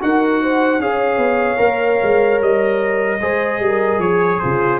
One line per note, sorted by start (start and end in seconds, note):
0.00 0.79 D#4
0.00 0.80 F#4
0.00 0.42 A#4
0.00 0.81 F#5
0.42 0.82 C5
0.79 1.17 C#4
0.79 1.57 G#4
0.79 3.21 C#5
0.79 2.41 F5
1.17 1.57 B3
1.57 1.99 A#3
1.57 3.17 A#4
2.02 2.41 G#3
2.41 3.21 G3
2.41 4.00 D#5
3.21 3.59 G#3
3.21 4.80 G#4
3.21 3.61 C5
3.59 3.98 G3
3.59 4.02 A#4
3.98 4.38 F3
3.98 4.42 G#4
3.98 4.39 C#5
4.39 4.80 C#3
4.39 4.80 F4
4.39 4.79 C5